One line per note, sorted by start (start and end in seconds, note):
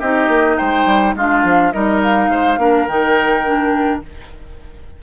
0.00 0.28 C4
0.00 1.17 D#4
0.00 0.57 G4
0.00 0.57 D#5
0.28 0.57 A#3
0.57 0.86 G#3
0.57 1.15 C5
0.57 1.15 G5
0.86 1.15 G3
1.16 1.44 G#3
1.16 1.73 D4
1.16 1.73 F4
1.16 1.72 F5
1.44 1.73 F3
1.72 2.29 G3
1.72 2.58 D#4
1.72 2.31 A#4
1.72 2.01 D#5
2.03 2.88 F5
2.29 2.57 G#3
2.29 2.60 C5
2.57 2.86 A#3
2.57 2.87 D4
2.57 4.03 A#4
2.87 4.02 D#3
2.87 3.45 D#4
2.87 4.02 G5
3.45 4.02 D4